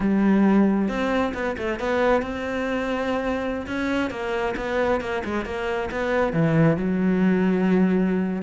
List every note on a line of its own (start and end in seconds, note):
0.00 0.88 G3
0.88 1.32 C4
1.34 1.56 B3
1.57 1.79 A3
1.79 2.22 B3
2.22 3.66 C4
3.66 4.10 C#4
4.10 4.54 A#3
4.56 5.00 B3
5.00 5.22 A#3
5.24 5.45 G#3
5.45 5.89 A#3
5.91 6.32 B3
6.32 6.77 E3
6.77 8.42 F#3